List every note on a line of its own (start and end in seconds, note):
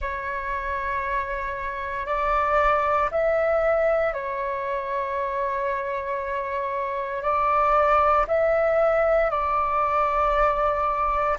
0.00 2.05 C#5
2.05 3.09 D5
3.11 4.13 E5
4.13 7.22 C#5
7.22 8.25 D5
8.27 9.30 E5
9.30 11.37 D5